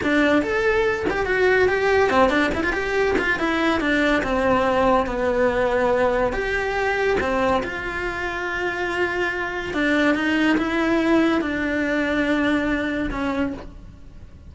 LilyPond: \new Staff \with { instrumentName = "cello" } { \time 4/4 \tempo 4 = 142 d'4 a'4. g'8 fis'4 | g'4 c'8 d'8 e'16 f'16 g'4 f'8 | e'4 d'4 c'2 | b2. g'4~ |
g'4 c'4 f'2~ | f'2. d'4 | dis'4 e'2 d'4~ | d'2. cis'4 | }